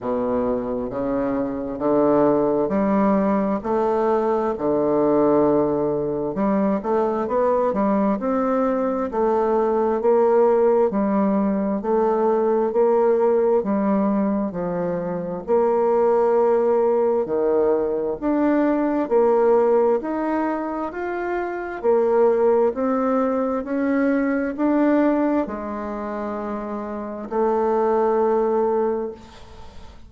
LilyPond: \new Staff \with { instrumentName = "bassoon" } { \time 4/4 \tempo 4 = 66 b,4 cis4 d4 g4 | a4 d2 g8 a8 | b8 g8 c'4 a4 ais4 | g4 a4 ais4 g4 |
f4 ais2 dis4 | d'4 ais4 dis'4 f'4 | ais4 c'4 cis'4 d'4 | gis2 a2 | }